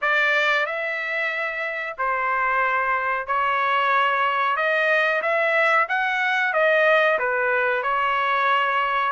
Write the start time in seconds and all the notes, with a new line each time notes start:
0.01 D5
0.66 E5
1.98 C5
3.26 C#5
4.56 D#5
5.22 E5
5.89 F#5
6.53 D#5
7.18 B4
7.83 C#5